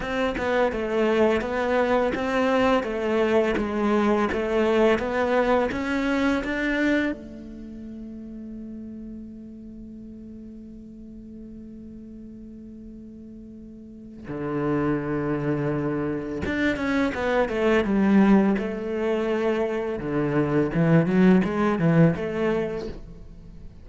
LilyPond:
\new Staff \with { instrumentName = "cello" } { \time 4/4 \tempo 4 = 84 c'8 b8 a4 b4 c'4 | a4 gis4 a4 b4 | cis'4 d'4 a2~ | a1~ |
a1 | d2. d'8 cis'8 | b8 a8 g4 a2 | d4 e8 fis8 gis8 e8 a4 | }